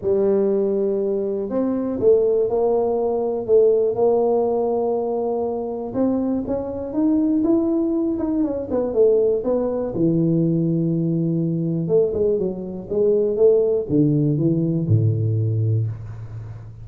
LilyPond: \new Staff \with { instrumentName = "tuba" } { \time 4/4 \tempo 4 = 121 g2. c'4 | a4 ais2 a4 | ais1 | c'4 cis'4 dis'4 e'4~ |
e'8 dis'8 cis'8 b8 a4 b4 | e1 | a8 gis8 fis4 gis4 a4 | d4 e4 a,2 | }